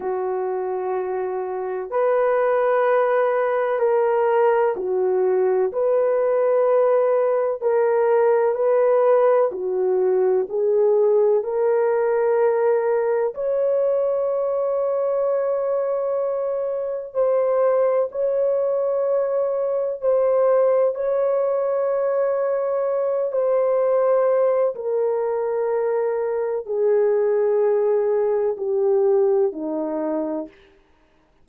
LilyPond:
\new Staff \with { instrumentName = "horn" } { \time 4/4 \tempo 4 = 63 fis'2 b'2 | ais'4 fis'4 b'2 | ais'4 b'4 fis'4 gis'4 | ais'2 cis''2~ |
cis''2 c''4 cis''4~ | cis''4 c''4 cis''2~ | cis''8 c''4. ais'2 | gis'2 g'4 dis'4 | }